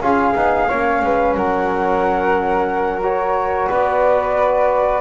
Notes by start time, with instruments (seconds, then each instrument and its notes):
0.00 double bass C#4, trombone F4, flute G#4 F5
0.35 double bass B3, trombone D#4
0.68 double bass A#3, trombone C#4, flute C#5
1.02 double bass G#3, flute B4
1.34 double bass F#3, flute A#4 F#5
3.02 trombone F#4, flute C#5
3.68 double bass B3, flute B4 D5